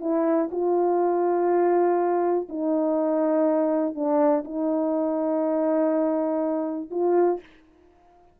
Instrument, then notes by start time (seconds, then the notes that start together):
horn
0.00 E4
0.51 F4
2.49 D#4
3.95 D4
4.44 D#4
6.90 F4